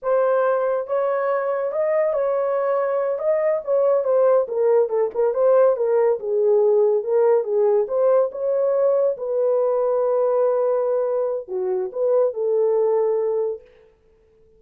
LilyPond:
\new Staff \with { instrumentName = "horn" } { \time 4/4 \tempo 4 = 141 c''2 cis''2 | dis''4 cis''2~ cis''8 dis''8~ | dis''8 cis''4 c''4 ais'4 a'8 | ais'8 c''4 ais'4 gis'4.~ |
gis'8 ais'4 gis'4 c''4 cis''8~ | cis''4. b'2~ b'8~ | b'2. fis'4 | b'4 a'2. | }